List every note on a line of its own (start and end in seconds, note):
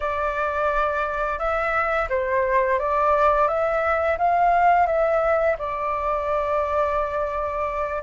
0.00 1.38 D5
1.38 2.08 E5
2.09 2.79 C5
2.79 3.48 D5
3.48 4.17 E5
4.18 4.86 F5
4.86 5.56 E5
5.58 8.02 D5